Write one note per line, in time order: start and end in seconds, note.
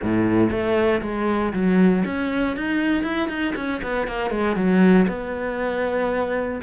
0.02 0.50 A2
0.50 1.01 A3
1.01 1.52 G#3
1.53 2.04 F#3
2.05 2.56 C#4
2.56 3.03 D#4
3.03 3.28 E4
3.28 3.54 D#4
3.55 3.81 C#4
3.82 4.07 B3
4.07 4.30 A#3
4.30 4.55 G#3
4.55 5.06 F#3
5.08 6.60 B3